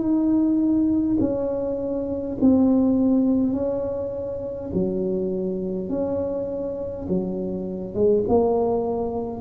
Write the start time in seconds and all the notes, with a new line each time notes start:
0.00 D#4
1.20 C#4
2.41 C4
3.53 C#4
4.74 F#3
5.89 C#4
7.09 F#3
7.95 G#3
8.28 A#3